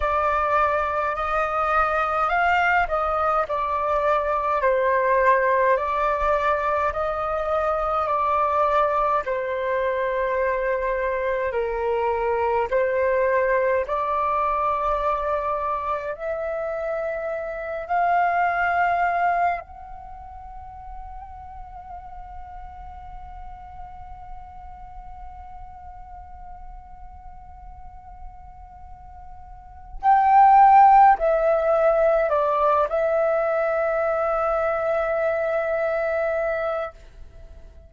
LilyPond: \new Staff \with { instrumentName = "flute" } { \time 4/4 \tempo 4 = 52 d''4 dis''4 f''8 dis''8 d''4 | c''4 d''4 dis''4 d''4 | c''2 ais'4 c''4 | d''2 e''4. f''8~ |
f''4 fis''2.~ | fis''1~ | fis''2 g''4 e''4 | d''8 e''2.~ e''8 | }